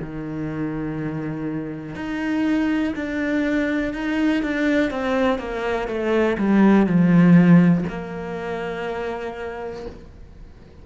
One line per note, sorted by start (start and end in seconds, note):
0.00 1.96 D#3
1.96 2.94 D#4
2.96 3.93 D4
3.93 4.43 D#4
4.43 4.91 D4
4.91 5.39 C4
5.39 5.88 A#3
5.88 6.37 A3
6.38 6.87 G3
6.87 7.85 F3
7.89 9.86 A#3